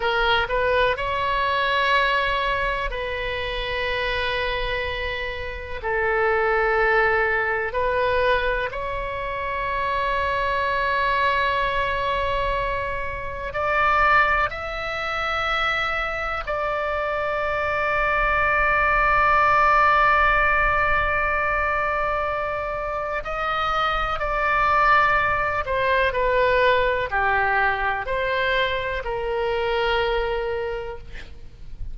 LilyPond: \new Staff \with { instrumentName = "oboe" } { \time 4/4 \tempo 4 = 62 ais'8 b'8 cis''2 b'4~ | b'2 a'2 | b'4 cis''2.~ | cis''2 d''4 e''4~ |
e''4 d''2.~ | d''1 | dis''4 d''4. c''8 b'4 | g'4 c''4 ais'2 | }